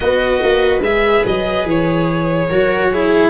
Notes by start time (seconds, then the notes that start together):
0.00 B3 F#4 B4 D#5
0.41 A#3
0.81 G#3 G#4 E5
1.25 F#3 D#5
1.65 E3 C#5
2.48 F#3 F#4 A#4
2.90 E4 G#4